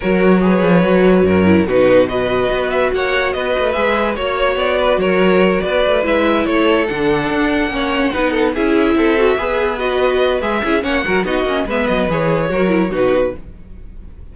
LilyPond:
<<
  \new Staff \with { instrumentName = "violin" } { \time 4/4 \tempo 4 = 144 cis''1 | b'4 dis''4. e''8 fis''4 | dis''4 e''4 cis''4 d''4 | cis''4. d''4 e''4 cis''8~ |
cis''8 fis''2.~ fis''8~ | fis''8 e''2. dis''8~ | dis''4 e''4 fis''4 dis''4 | e''8 dis''8 cis''2 b'4 | }
  \new Staff \with { instrumentName = "violin" } { \time 4/4 ais'4 b'2 ais'4 | fis'4 b'2 cis''4 | b'2 cis''4. b'8 | ais'4. b'2 a'8~ |
a'2~ a'8 cis''4 b'8 | a'8 gis'4 a'4 b'4.~ | b'4. gis'8 cis''8 ais'8 fis'4 | b'2 ais'4 fis'4 | }
  \new Staff \with { instrumentName = "viola" } { \time 4/4 fis'4 gis'4 fis'4. e'8 | dis'4 fis'2.~ | fis'4 gis'4 fis'2~ | fis'2~ fis'8 e'4.~ |
e'8 d'2 cis'4 dis'8~ | dis'8 e'4. fis'8 gis'4 fis'8~ | fis'4 gis'8 e'8 cis'8 fis'8 dis'8 cis'8 | b4 gis'4 fis'8 e'8 dis'4 | }
  \new Staff \with { instrumentName = "cello" } { \time 4/4 fis4. f8 fis4 fis,4 | b,2 b4 ais4 | b8 a8 gis4 ais4 b4 | fis4. b8 a8 gis4 a8~ |
a8 d4 d'4 ais4 b8~ | b8 cis'4 c'4 b4.~ | b4 gis8 cis'8 ais8 fis8 b8 ais8 | gis8 fis8 e4 fis4 b,4 | }
>>